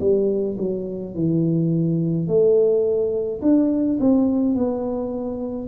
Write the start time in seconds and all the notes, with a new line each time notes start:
0.00 G3
0.58 F#3
1.15 E3
2.27 A3
3.42 D4
4.00 C4
4.55 B3